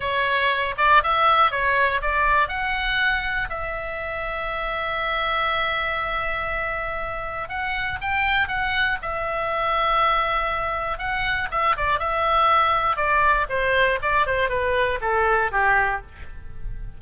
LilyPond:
\new Staff \with { instrumentName = "oboe" } { \time 4/4 \tempo 4 = 120 cis''4. d''8 e''4 cis''4 | d''4 fis''2 e''4~ | e''1~ | e''2. fis''4 |
g''4 fis''4 e''2~ | e''2 fis''4 e''8 d''8 | e''2 d''4 c''4 | d''8 c''8 b'4 a'4 g'4 | }